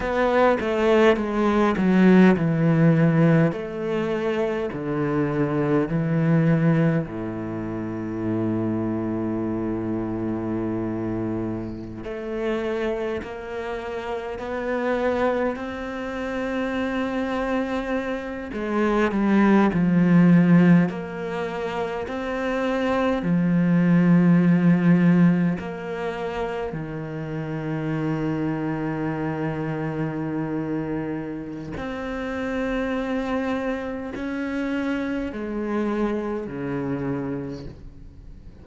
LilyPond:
\new Staff \with { instrumentName = "cello" } { \time 4/4 \tempo 4 = 51 b8 a8 gis8 fis8 e4 a4 | d4 e4 a,2~ | a,2~ a,16 a4 ais8.~ | ais16 b4 c'2~ c'8 gis16~ |
gis16 g8 f4 ais4 c'4 f16~ | f4.~ f16 ais4 dis4~ dis16~ | dis2. c'4~ | c'4 cis'4 gis4 cis4 | }